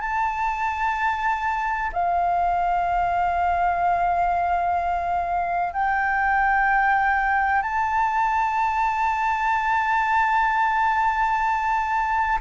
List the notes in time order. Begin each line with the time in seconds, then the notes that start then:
0.00 A5
1.92 F5
5.73 G5
7.62 A5